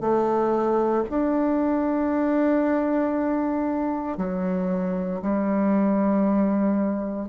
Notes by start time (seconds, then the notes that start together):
0.00 A3
1.10 D4
4.17 F#3
5.21 G3